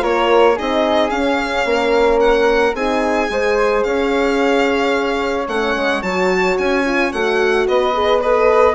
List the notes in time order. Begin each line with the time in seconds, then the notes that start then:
0.00 A#3 F4 A#4 C#5
0.56 C4 D#4 G#4 D#5
1.10 C#4 F5
1.65 A#3 A#4
2.20 F#5
2.74 C4 D#4 G#4 G#5
3.28 G#3 G#4 C5
3.83 C#4 C#5 F5
5.48 A3 C#4 F#5
5.76 G#3
6.02 F#3 F#4 A5
6.58 C#4 G#5
6.85 F4
7.12 A3 F#4 F#5
7.68 B3 B4 D#5
7.94 G#4
8.21 A4 B4 D#5